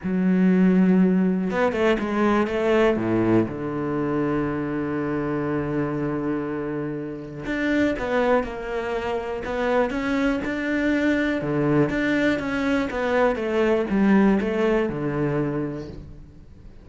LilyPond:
\new Staff \with { instrumentName = "cello" } { \time 4/4 \tempo 4 = 121 fis2. b8 a8 | gis4 a4 a,4 d4~ | d1~ | d2. d'4 |
b4 ais2 b4 | cis'4 d'2 d4 | d'4 cis'4 b4 a4 | g4 a4 d2 | }